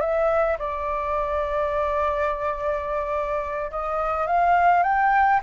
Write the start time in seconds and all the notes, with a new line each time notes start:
0.00 E5
0.58 D5
3.71 D#5
4.27 F5
4.83 G5